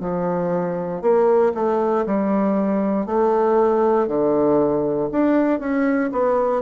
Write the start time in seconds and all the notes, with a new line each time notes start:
0.00 F3
1.02 A#3
1.54 A3
2.06 G3
3.06 A3
4.08 D3
5.11 D4
5.60 C#4
6.12 B3